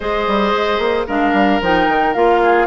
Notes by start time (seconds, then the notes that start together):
0.00 G#3 G#4 C5 D#5
0.27 G3
0.52 G#3
0.78 A#3
1.06 G#3 D4 A#4 F5
1.33 G3
1.61 F3 D#4 G5
1.88 D#3
2.14 A#3 F4 F5
2.43 G#4